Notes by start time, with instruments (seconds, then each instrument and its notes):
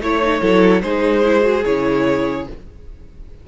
0.00 cello A3, viola E4, violin C#5
0.22 viola D#4
0.41 cello F#3, viola E4, violin A4
0.82 cello G#3, viola D#4, violin G#4 C5
1.23 viola E4
1.41 viola F#4
1.65 cello C#3, viola E4, violin C#5